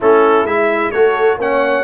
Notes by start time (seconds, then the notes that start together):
0.00 A3 C#4 E4 A4
0.44 G#3 E4 E5
0.91 A3 F#4 A4 C#5
1.37 A#3 C#4 C#5 F#5